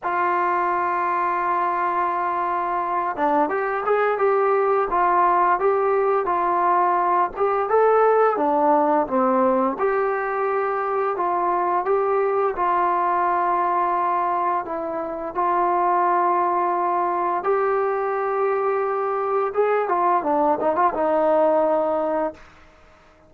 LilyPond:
\new Staff \with { instrumentName = "trombone" } { \time 4/4 \tempo 4 = 86 f'1~ | f'8 d'8 g'8 gis'8 g'4 f'4 | g'4 f'4. g'8 a'4 | d'4 c'4 g'2 |
f'4 g'4 f'2~ | f'4 e'4 f'2~ | f'4 g'2. | gis'8 f'8 d'8 dis'16 f'16 dis'2 | }